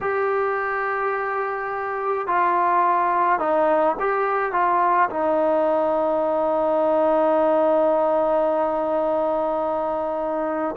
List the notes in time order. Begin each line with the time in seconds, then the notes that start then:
0.01 G4
2.26 F4
3.39 D#4
3.99 G4
4.52 F4
5.09 D#4